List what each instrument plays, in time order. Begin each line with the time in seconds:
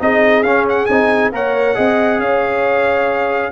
0.00 tuba C4, trombone D#4, horn G#4, trumpet D#5
0.43 tuba C#4, trombone C#4, trumpet F5
0.70 trumpet F#5
0.86 tuba C4, trombone D#4, trumpet G#5
1.32 tuba A#3, trombone A#4, horn C#5, trumpet F#5
1.75 tuba C4, trombone G#4, horn D#5
2.20 tuba C#4, horn C#5, trumpet F5